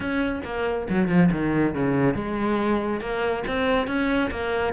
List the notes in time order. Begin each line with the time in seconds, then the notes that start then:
0.00 C#4
0.44 A#3
0.89 F#3
1.08 F3
1.31 D#3
1.74 C#3
2.14 G#3
3.00 A#3
3.47 C4
3.87 C#4
4.30 A#3